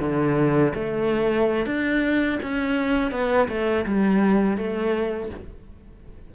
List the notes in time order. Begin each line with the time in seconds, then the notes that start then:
0.00 D3
0.75 A3
1.66 D4
2.42 C#4
3.11 B3
3.49 A3
3.85 G3
4.57 A3